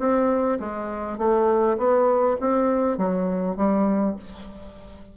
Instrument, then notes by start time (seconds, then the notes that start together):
bassoon
0.00 C4
0.60 G#3
1.18 A3
1.78 B3
2.41 C4
2.98 F#3
3.57 G3